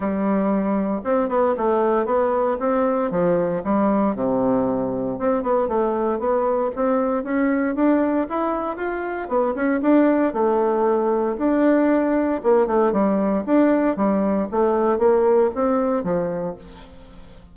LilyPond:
\new Staff \with { instrumentName = "bassoon" } { \time 4/4 \tempo 4 = 116 g2 c'8 b8 a4 | b4 c'4 f4 g4 | c2 c'8 b8 a4 | b4 c'4 cis'4 d'4 |
e'4 f'4 b8 cis'8 d'4 | a2 d'2 | ais8 a8 g4 d'4 g4 | a4 ais4 c'4 f4 | }